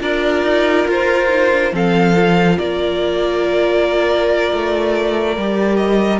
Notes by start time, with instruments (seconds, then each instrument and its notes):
0.00 cello D4, viola F4, violin A#4 D5
0.43 cello D#4
0.88 cello F4, violin C5
1.28 viola D#4
1.51 viola D4
1.72 cello F3, viola C4, violin A4 F5
2.14 viola F4
2.57 cello A#3, violin A#4 D5
4.52 cello A3
5.36 cello G3, viola G4
5.76 violin D#5